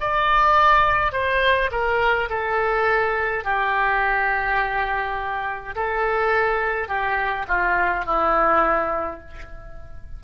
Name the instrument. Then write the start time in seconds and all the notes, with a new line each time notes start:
oboe
0.00 D5
1.12 C5
1.72 A#4
2.29 A4
3.44 G4
5.75 A4
6.88 G4
7.48 F4
8.05 E4